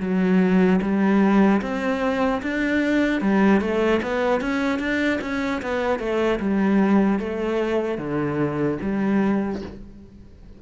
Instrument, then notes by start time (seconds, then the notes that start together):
cello
0.00 F#3
0.81 G3
1.61 C4
2.43 D4
3.21 G3
3.61 A3
4.03 B3
4.41 C#4
4.79 D4
5.21 C#4
5.62 B3
5.99 A3
6.40 G3
7.19 A3
7.98 D3
8.82 G3